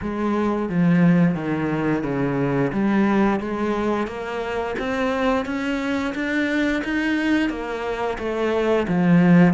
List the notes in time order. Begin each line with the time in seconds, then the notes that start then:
0.01 G#3
0.68 F3
1.35 D#3
2.03 C#3
2.72 G3
3.40 G#3
4.07 A#3
4.79 C4
5.45 C#4
6.14 D4
6.84 D#4
7.49 A#3
8.18 A3
8.88 F3